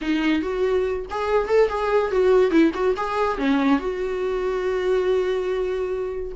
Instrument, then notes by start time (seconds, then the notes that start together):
viola
0.01 D#4
0.42 F#4
1.10 G#4
1.48 A4
1.68 G#4
2.11 F#4
2.50 E4
2.73 F#4
2.97 G#4
3.38 C#4
3.79 F#4